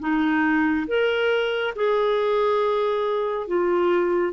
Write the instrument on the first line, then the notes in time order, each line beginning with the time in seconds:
clarinet
0.00 D#4
0.88 A#4
1.76 G#4
3.48 F4